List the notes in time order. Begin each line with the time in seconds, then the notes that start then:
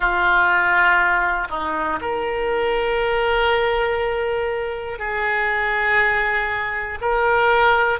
0.00 F4
1.50 D#4
2.00 A#4
4.99 G#4
7.00 A#4